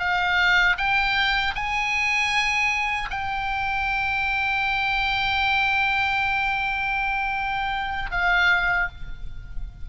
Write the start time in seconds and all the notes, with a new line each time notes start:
0.00 F5
0.78 G5
1.56 G#5
3.11 G5
8.12 F5